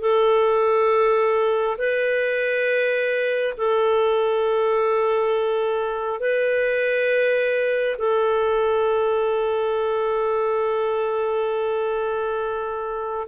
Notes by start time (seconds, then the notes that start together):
0.00 A4
1.77 B4
3.57 A4
6.20 B4
7.98 A4